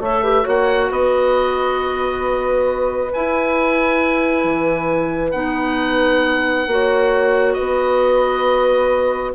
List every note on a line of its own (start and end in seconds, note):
0.00 0.44 A3
0.00 0.22 C#5
0.00 0.49 E5
0.06 0.24 A4
0.23 0.43 G4
0.23 0.44 B4
0.43 0.91 A#3
0.43 3.10 F#4
0.43 0.88 C#5
0.49 0.92 F#5
0.90 3.13 B3
0.90 6.68 B4
0.90 3.14 D#5
3.14 4.45 E4
3.14 5.34 E4
3.14 5.32 G#5
4.45 5.34 E3
5.32 6.67 B3
5.32 6.67 D#4
5.32 7.54 F#5
6.67 7.56 A#3
6.67 9.35 F#4
6.67 7.57 C#5
7.54 9.35 B4
7.54 9.32 D#5
7.60 9.35 B3